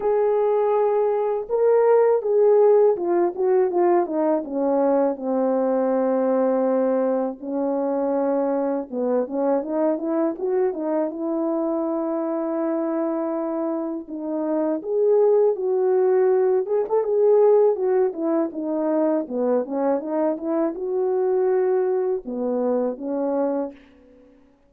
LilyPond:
\new Staff \with { instrumentName = "horn" } { \time 4/4 \tempo 4 = 81 gis'2 ais'4 gis'4 | f'8 fis'8 f'8 dis'8 cis'4 c'4~ | c'2 cis'2 | b8 cis'8 dis'8 e'8 fis'8 dis'8 e'4~ |
e'2. dis'4 | gis'4 fis'4. gis'16 a'16 gis'4 | fis'8 e'8 dis'4 b8 cis'8 dis'8 e'8 | fis'2 b4 cis'4 | }